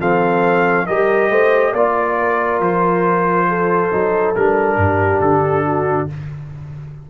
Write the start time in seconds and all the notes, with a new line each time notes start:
0.00 F3 C4 A4 F5
0.87 G3 G4 A#4 D#5
1.30 A3 C5
1.72 A#3 F4 D5
2.19 A#4
2.61 F3 C5
3.49 A4
3.92 F#3 D#4
4.36 G3 D4 A#4
4.77 G2 G4
5.21 D3 A4
5.66 F#4